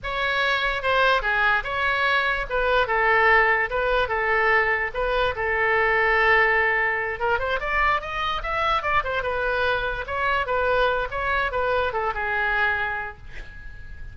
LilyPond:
\new Staff \with { instrumentName = "oboe" } { \time 4/4 \tempo 4 = 146 cis''2 c''4 gis'4 | cis''2 b'4 a'4~ | a'4 b'4 a'2 | b'4 a'2.~ |
a'4. ais'8 c''8 d''4 dis''8~ | dis''8 e''4 d''8 c''8 b'4.~ | b'8 cis''4 b'4. cis''4 | b'4 a'8 gis'2~ gis'8 | }